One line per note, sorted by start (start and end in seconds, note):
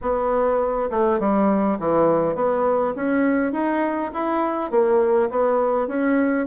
0.01 0.90 B3
0.90 1.19 A3
1.19 1.78 G3
1.79 2.35 E3
2.35 2.94 B3
2.95 3.52 C#4
3.52 4.11 D#4
4.13 4.71 E4
4.71 5.29 A#3
5.30 5.87 B3
5.87 6.46 C#4